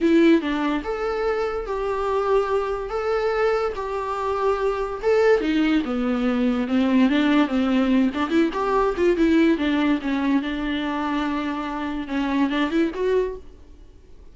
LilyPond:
\new Staff \with { instrumentName = "viola" } { \time 4/4 \tempo 4 = 144 e'4 d'4 a'2 | g'2. a'4~ | a'4 g'2. | a'4 dis'4 b2 |
c'4 d'4 c'4. d'8 | e'8 g'4 f'8 e'4 d'4 | cis'4 d'2.~ | d'4 cis'4 d'8 e'8 fis'4 | }